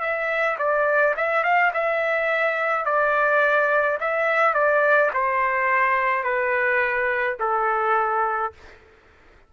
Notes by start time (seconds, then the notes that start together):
0.00 E5
0.58 D5
1.16 E5
1.43 F5
1.73 E5
2.85 D5
4.00 E5
4.54 D5
5.14 C5
6.23 B4
7.39 A4